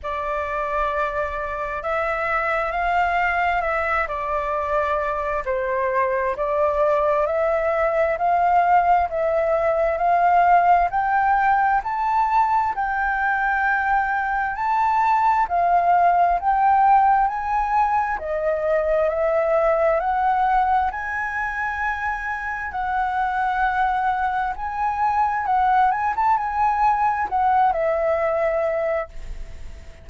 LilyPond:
\new Staff \with { instrumentName = "flute" } { \time 4/4 \tempo 4 = 66 d''2 e''4 f''4 | e''8 d''4. c''4 d''4 | e''4 f''4 e''4 f''4 | g''4 a''4 g''2 |
a''4 f''4 g''4 gis''4 | dis''4 e''4 fis''4 gis''4~ | gis''4 fis''2 gis''4 | fis''8 gis''16 a''16 gis''4 fis''8 e''4. | }